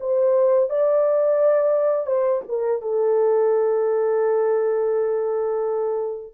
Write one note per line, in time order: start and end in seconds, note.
0.00 0.70 C5
0.70 2.06 D5
2.06 2.42 C5
2.49 2.82 A#4
2.82 6.34 A4